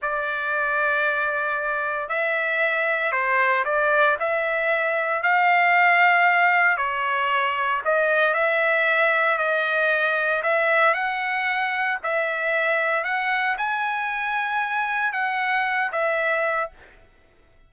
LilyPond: \new Staff \with { instrumentName = "trumpet" } { \time 4/4 \tempo 4 = 115 d''1 | e''2 c''4 d''4 | e''2 f''2~ | f''4 cis''2 dis''4 |
e''2 dis''2 | e''4 fis''2 e''4~ | e''4 fis''4 gis''2~ | gis''4 fis''4. e''4. | }